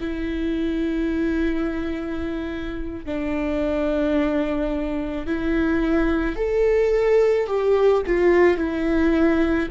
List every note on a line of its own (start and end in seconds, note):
0.00 3.05 E4
3.05 5.26 D4
5.26 6.35 E4
6.35 7.46 A4
7.46 8.02 G4
8.06 8.57 F4
8.57 9.68 E4